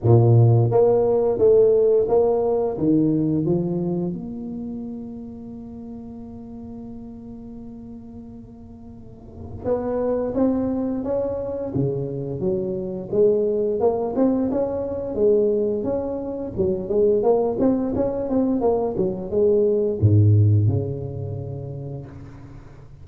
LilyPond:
\new Staff \with { instrumentName = "tuba" } { \time 4/4 \tempo 4 = 87 ais,4 ais4 a4 ais4 | dis4 f4 ais2~ | ais1~ | ais2 b4 c'4 |
cis'4 cis4 fis4 gis4 | ais8 c'8 cis'4 gis4 cis'4 | fis8 gis8 ais8 c'8 cis'8 c'8 ais8 fis8 | gis4 gis,4 cis2 | }